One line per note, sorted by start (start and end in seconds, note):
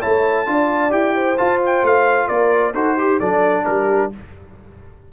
0.00 0.46 A3
0.00 0.46 E4
0.00 0.45 C#5
0.00 0.92 A5
0.46 0.92 D4
0.46 0.90 F4
0.46 1.15 D5
0.90 1.37 E4
0.90 1.35 G4
0.90 1.37 G5
1.15 2.28 C5
1.37 2.74 F4
1.37 1.82 F4
1.37 1.60 A5
1.65 1.86 G5
1.82 2.28 A3
1.82 2.28 F5
2.28 2.74 A#3
2.28 2.73 A#4
2.28 2.73 D5
2.73 3.19 D#4
2.73 2.98 F#4
2.73 2.96 A4
2.73 3.19 C5
2.97 3.19 G4
2.97 3.20 G4
3.19 3.66 F#3
3.19 4.12 D4
3.19 3.64 A4
3.19 3.65 D5
3.65 4.12 G3
3.65 4.10 G4
3.65 4.11 A#4